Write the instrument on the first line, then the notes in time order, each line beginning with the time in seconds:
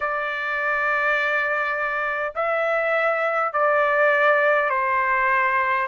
trumpet
0.00 D5
2.35 E5
3.52 D5
4.69 C5